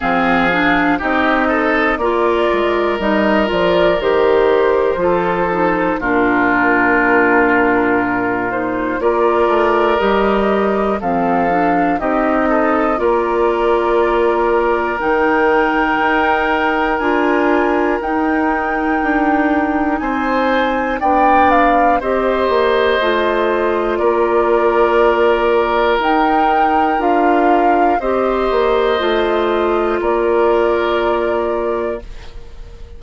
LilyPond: <<
  \new Staff \with { instrumentName = "flute" } { \time 4/4 \tempo 4 = 60 f''4 dis''4 d''4 dis''8 d''8 | c''2 ais'2~ | ais'8 c''8 d''4 dis''4 f''4 | dis''4 d''2 g''4~ |
g''4 gis''4 g''2 | gis''4 g''8 f''8 dis''2 | d''2 g''4 f''4 | dis''2 d''2 | }
  \new Staff \with { instrumentName = "oboe" } { \time 4/4 gis'4 g'8 a'8 ais'2~ | ais'4 a'4 f'2~ | f'4 ais'2 a'4 | g'8 a'8 ais'2.~ |
ais'1 | c''4 d''4 c''2 | ais'1 | c''2 ais'2 | }
  \new Staff \with { instrumentName = "clarinet" } { \time 4/4 c'8 d'8 dis'4 f'4 dis'8 f'8 | g'4 f'8 dis'8 d'2~ | d'8 dis'8 f'4 g'4 c'8 d'8 | dis'4 f'2 dis'4~ |
dis'4 f'4 dis'2~ | dis'4 d'4 g'4 f'4~ | f'2 dis'4 f'4 | g'4 f'2. | }
  \new Staff \with { instrumentName = "bassoon" } { \time 4/4 f4 c'4 ais8 gis8 g8 f8 | dis4 f4 ais,2~ | ais,4 ais8 a8 g4 f4 | c'4 ais2 dis4 |
dis'4 d'4 dis'4 d'4 | c'4 b4 c'8 ais8 a4 | ais2 dis'4 d'4 | c'8 ais8 a4 ais2 | }
>>